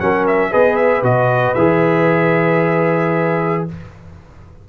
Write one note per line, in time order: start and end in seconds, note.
0.00 0.53 F#3
0.00 0.52 C#4
0.00 0.52 A#4
0.00 0.26 F#5
0.28 0.53 E5
0.52 1.03 B3
0.52 1.03 G#4
0.52 3.68 B4
0.52 0.76 D#5
0.76 1.03 E5
1.03 1.55 B2
1.03 1.56 F#4
1.03 1.55 D#5
1.55 3.68 E3
1.55 3.69 G#4
1.55 3.65 E5